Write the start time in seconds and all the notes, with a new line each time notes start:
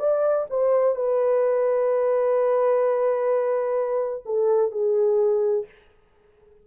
0.00 D5
0.50 C5
0.96 B4
4.26 A4
4.72 G#4